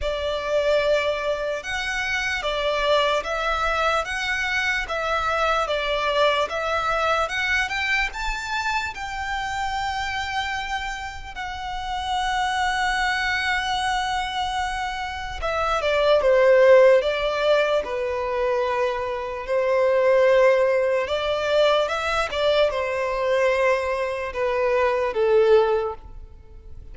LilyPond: \new Staff \with { instrumentName = "violin" } { \time 4/4 \tempo 4 = 74 d''2 fis''4 d''4 | e''4 fis''4 e''4 d''4 | e''4 fis''8 g''8 a''4 g''4~ | g''2 fis''2~ |
fis''2. e''8 d''8 | c''4 d''4 b'2 | c''2 d''4 e''8 d''8 | c''2 b'4 a'4 | }